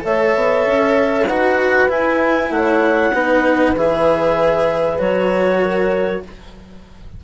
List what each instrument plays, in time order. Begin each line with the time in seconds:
0.00 bassoon A3, cello A4, horn C#5, clarinet E5
0.35 bassoon B3
0.66 bassoon C#4
1.27 bassoon D#4, cello F#4, horn B4, clarinet F#5
1.88 cello E4, bassoon E4, clarinet G#5
2.50 bassoon A3, horn C#5, clarinet F#5
3.13 bassoon B3, cello D#4, horn B4
3.76 bassoon E3, cello G#4, clarinet E5
4.99 bassoon F#3, cello F#4, clarinet C#5
5.62 horn A#4